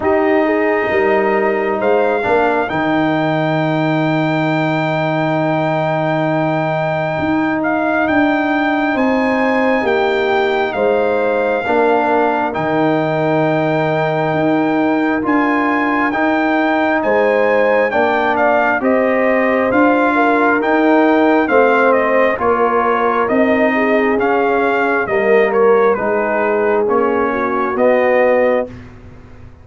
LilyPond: <<
  \new Staff \with { instrumentName = "trumpet" } { \time 4/4 \tempo 4 = 67 dis''2 f''4 g''4~ | g''1~ | g''8 f''8 g''4 gis''4 g''4 | f''2 g''2~ |
g''4 gis''4 g''4 gis''4 | g''8 f''8 dis''4 f''4 g''4 | f''8 dis''8 cis''4 dis''4 f''4 | dis''8 cis''8 b'4 cis''4 dis''4 | }
  \new Staff \with { instrumentName = "horn" } { \time 4/4 g'8 gis'8 ais'4 c''8 ais'4.~ | ais'1~ | ais'2 c''4 g'4 | c''4 ais'2.~ |
ais'2. c''4 | d''4 c''4. ais'4. | c''4 ais'4. gis'4. | ais'4 gis'4. fis'4. | }
  \new Staff \with { instrumentName = "trombone" } { \time 4/4 dis'2~ dis'8 d'8 dis'4~ | dis'1~ | dis'1~ | dis'4 d'4 dis'2~ |
dis'4 f'4 dis'2 | d'4 g'4 f'4 dis'4 | c'4 f'4 dis'4 cis'4 | ais4 dis'4 cis'4 b4 | }
  \new Staff \with { instrumentName = "tuba" } { \time 4/4 dis'4 g4 gis8 ais8 dis4~ | dis1 | dis'4 d'4 c'4 ais4 | gis4 ais4 dis2 |
dis'4 d'4 dis'4 gis4 | ais4 c'4 d'4 dis'4 | a4 ais4 c'4 cis'4 | g4 gis4 ais4 b4 | }
>>